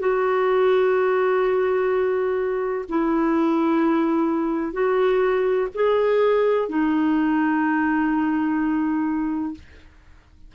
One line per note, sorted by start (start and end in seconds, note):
0.00 2.86 F#4
2.89 4.73 E4
4.73 5.68 F#4
5.74 6.69 G#4
6.69 9.55 D#4